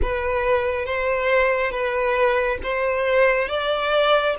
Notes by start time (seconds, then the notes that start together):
0.02 B4
0.85 C5
1.71 B4
2.63 C5
3.48 D5